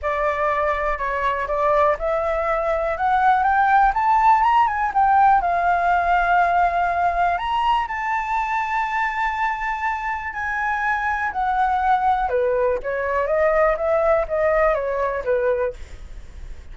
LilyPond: \new Staff \with { instrumentName = "flute" } { \time 4/4 \tempo 4 = 122 d''2 cis''4 d''4 | e''2 fis''4 g''4 | a''4 ais''8 gis''8 g''4 f''4~ | f''2. ais''4 |
a''1~ | a''4 gis''2 fis''4~ | fis''4 b'4 cis''4 dis''4 | e''4 dis''4 cis''4 b'4 | }